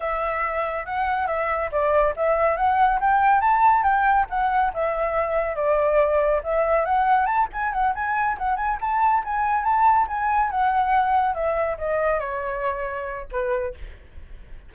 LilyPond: \new Staff \with { instrumentName = "flute" } { \time 4/4 \tempo 4 = 140 e''2 fis''4 e''4 | d''4 e''4 fis''4 g''4 | a''4 g''4 fis''4 e''4~ | e''4 d''2 e''4 |
fis''4 a''8 gis''8 fis''8 gis''4 fis''8 | gis''8 a''4 gis''4 a''4 gis''8~ | gis''8 fis''2 e''4 dis''8~ | dis''8 cis''2~ cis''8 b'4 | }